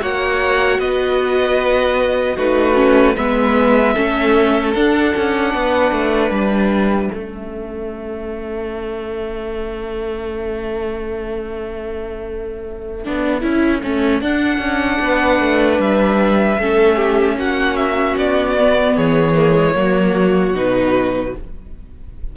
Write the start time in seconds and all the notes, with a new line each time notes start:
0.00 A#3 F#4 C#5 F#5
0.79 B3 B4 D#5
2.36 A3 D#4 F#4 B4
2.75 C#4
3.16 G#3 B3 B4 E5
3.94 A3 C#4 A4
4.75 D4 F#5
5.16 C#4
5.54 B3 B4
5.92 A3
6.31 G3 E5
7.11 A3 C#4 A4
13.05 B3 D4
13.41 C#4 E4
13.83 A3 C#4
14.21 D4 F#5
14.58 C#4
15.01 B3 B4
15.40 A3
15.79 G3 E5
16.58 A3 C#4 A4
16.96 G4
17.37 A#3 F#4 F#5
17.77 E5
18.18 B3 D5
18.59 B3
18.96 E3 G#4 C#5
19.36 A#3
19.53 G#3
19.75 F#3 A#3 F#4
20.53 B2 D#4 B4